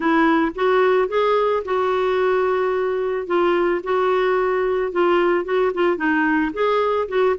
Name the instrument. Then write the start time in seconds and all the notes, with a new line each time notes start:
clarinet
0.00 E4
0.55 F#4
1.08 G#4
1.64 F#4
3.26 F4
3.83 F#4
4.92 F4
5.44 F#4
5.73 F4
5.97 D#4
6.53 G#4
7.08 F#4